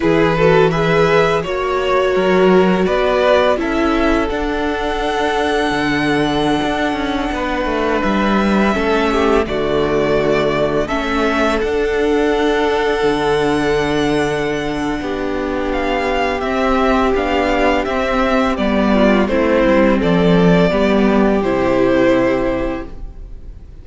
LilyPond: <<
  \new Staff \with { instrumentName = "violin" } { \time 4/4 \tempo 4 = 84 b'4 e''4 cis''2 | d''4 e''4 fis''2~ | fis''2.~ fis''16 e''8.~ | e''4~ e''16 d''2 e''8.~ |
e''16 fis''2.~ fis''8.~ | fis''2 f''4 e''4 | f''4 e''4 d''4 c''4 | d''2 c''2 | }
  \new Staff \with { instrumentName = "violin" } { \time 4/4 gis'8 a'8 b'4 cis''4 ais'4 | b'4 a'2.~ | a'2~ a'16 b'4.~ b'16~ | b'16 a'8 g'8 fis'2 a'8.~ |
a'1~ | a'4 g'2.~ | g'2~ g'8 f'8 e'4 | a'4 g'2. | }
  \new Staff \with { instrumentName = "viola" } { \time 4/4 e'8 fis'8 gis'4 fis'2~ | fis'4 e'4 d'2~ | d'1~ | d'16 cis'4 a2 cis'8.~ |
cis'16 d'2.~ d'8.~ | d'2. c'4 | d'4 c'4 b4 c'4~ | c'4 b4 e'2 | }
  \new Staff \with { instrumentName = "cello" } { \time 4/4 e2 ais4 fis4 | b4 cis'4 d'2 | d4~ d16 d'8 cis'8 b8 a8 g8.~ | g16 a4 d2 a8.~ |
a16 d'2 d4.~ d16~ | d4 b2 c'4 | b4 c'4 g4 a8 g8 | f4 g4 c2 | }
>>